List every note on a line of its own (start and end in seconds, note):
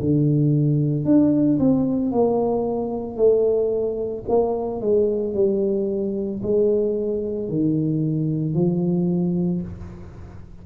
0.00 1.05 D3
1.05 1.58 D4
1.59 2.11 C4
2.11 3.16 A#3
3.16 4.23 A3
4.28 4.81 A#3
4.81 5.34 G#3
5.34 6.41 G3
6.43 7.49 G#3
7.49 8.54 D#3
8.54 9.61 F3